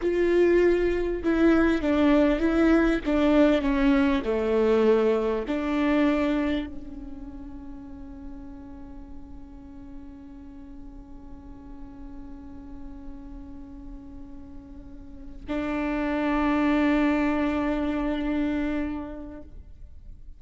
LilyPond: \new Staff \with { instrumentName = "viola" } { \time 4/4 \tempo 4 = 99 f'2 e'4 d'4 | e'4 d'4 cis'4 a4~ | a4 d'2 cis'4~ | cis'1~ |
cis'1~ | cis'1~ | cis'4. d'2~ d'8~ | d'1 | }